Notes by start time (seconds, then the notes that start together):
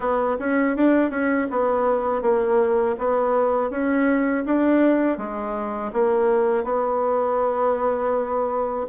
0.00 B3
0.39 C#4
0.76 D4
1.10 C#4
1.50 B3
2.22 A#3
2.98 B3
3.70 C#4
4.45 D4
5.17 G#3
5.93 A#3
6.64 B3